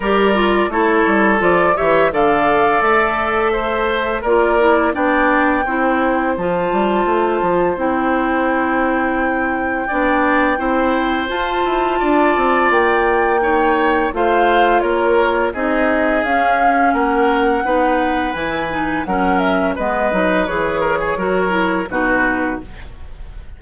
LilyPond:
<<
  \new Staff \with { instrumentName = "flute" } { \time 4/4 \tempo 4 = 85 d''4 cis''4 d''8 e''8 f''4 | e''2 d''4 g''4~ | g''4 a''2 g''4~ | g''1 |
a''2 g''2 | f''4 cis''4 dis''4 f''4 | fis''2 gis''4 fis''8 e''8 | dis''4 cis''2 b'4 | }
  \new Staff \with { instrumentName = "oboe" } { \time 4/4 ais'4 a'4. cis''8 d''4~ | d''4 c''4 ais'4 d''4 | c''1~ | c''2 d''4 c''4~ |
c''4 d''2 cis''4 | c''4 ais'4 gis'2 | ais'4 b'2 ais'4 | b'4. ais'16 gis'16 ais'4 fis'4 | }
  \new Staff \with { instrumentName = "clarinet" } { \time 4/4 g'8 f'8 e'4 f'8 g'8 a'4~ | a'2 f'8 e'8 d'4 | e'4 f'2 e'4~ | e'2 d'4 e'4 |
f'2. dis'4 | f'2 dis'4 cis'4~ | cis'4 dis'4 e'8 dis'8 cis'4 | b8 dis'8 gis'4 fis'8 e'8 dis'4 | }
  \new Staff \with { instrumentName = "bassoon" } { \time 4/4 g4 a8 g8 f8 e8 d4 | a2 ais4 b4 | c'4 f8 g8 a8 f8 c'4~ | c'2 b4 c'4 |
f'8 e'8 d'8 c'8 ais2 | a4 ais4 c'4 cis'4 | ais4 b4 e4 fis4 | gis8 fis8 e4 fis4 b,4 | }
>>